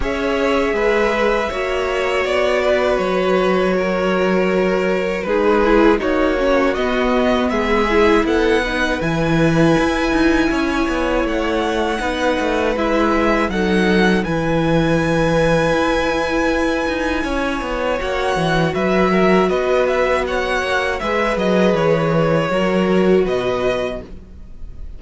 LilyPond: <<
  \new Staff \with { instrumentName = "violin" } { \time 4/4 \tempo 4 = 80 e''2. d''4 | cis''2. b'4 | cis''4 dis''4 e''4 fis''4 | gis''2. fis''4~ |
fis''4 e''4 fis''4 gis''4~ | gis''1 | fis''4 e''4 dis''8 e''8 fis''4 | e''8 dis''8 cis''2 dis''4 | }
  \new Staff \with { instrumentName = "violin" } { \time 4/4 cis''4 b'4 cis''4. b'8~ | b'4 ais'2 gis'4 | fis'2 gis'4 a'8 b'8~ | b'2 cis''2 |
b'2 a'4 b'4~ | b'2. cis''4~ | cis''4 b'8 ais'8 b'4 cis''4 | b'2 ais'4 b'4 | }
  \new Staff \with { instrumentName = "viola" } { \time 4/4 gis'2 fis'2~ | fis'2. dis'8 e'8 | dis'8 cis'8 b4. e'4 dis'8 | e'1 |
dis'4 e'4 dis'4 e'4~ | e'1 | fis'1 | gis'2 fis'2 | }
  \new Staff \with { instrumentName = "cello" } { \time 4/4 cis'4 gis4 ais4 b4 | fis2. gis4 | ais4 b4 gis4 b4 | e4 e'8 dis'8 cis'8 b8 a4 |
b8 a8 gis4 fis4 e4~ | e4 e'4. dis'8 cis'8 b8 | ais8 e8 fis4 b4. ais8 | gis8 fis8 e4 fis4 b,4 | }
>>